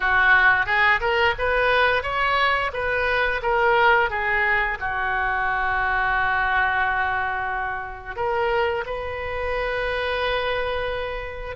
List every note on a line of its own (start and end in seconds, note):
0.00 0.66 F#4
0.66 1.00 G#4
1.00 1.34 A#4
1.38 2.03 B4
2.03 2.71 C#5
2.73 3.41 B4
3.42 4.09 A#4
4.09 4.78 G#4
4.79 8.16 F#4
8.16 8.84 A#4
8.86 11.56 B4